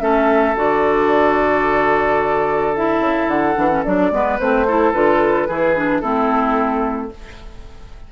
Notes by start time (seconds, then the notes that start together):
0.00 A3 C#4 A4 E5
0.56 D3 F#4 D5
2.76 E4 E5
3.00 C#3
3.27 D3 F#5
3.56 E3 D4
3.70 C#4
3.84 F#3 D4 D5
4.11 G#3 B3 B4
4.39 A3 C4 C5
4.67 E4 A4
4.93 D3 F4 B4
5.48 E3 E4 G#4
5.75 D4
6.00 A3 C4 E4 A4